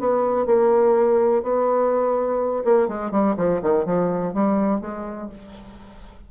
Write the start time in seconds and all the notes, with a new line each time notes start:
0.00 B3
0.46 A#3
1.43 B3
2.65 A#3
2.88 G#3
3.11 G3
3.37 F3
3.62 D#3
3.85 F3
4.34 G3
4.81 G#3